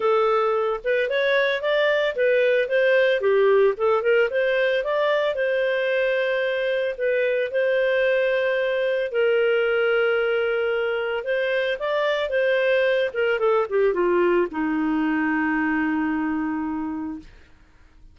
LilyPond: \new Staff \with { instrumentName = "clarinet" } { \time 4/4 \tempo 4 = 112 a'4. b'8 cis''4 d''4 | b'4 c''4 g'4 a'8 ais'8 | c''4 d''4 c''2~ | c''4 b'4 c''2~ |
c''4 ais'2.~ | ais'4 c''4 d''4 c''4~ | c''8 ais'8 a'8 g'8 f'4 dis'4~ | dis'1 | }